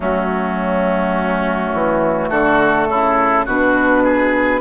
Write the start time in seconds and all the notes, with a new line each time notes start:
0.00 F#3 A3 C#4 F#4
1.73 E3
2.29 D3 F#4 A4
2.88 C#3 E4
3.45 B2 D4 F#4 B4
4.03 G#4